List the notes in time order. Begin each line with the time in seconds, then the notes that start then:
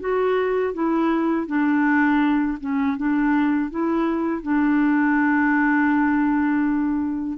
0.00 F#4
0.73 E4
1.47 D4
2.60 C#4
2.97 D4
3.70 E4
4.42 D4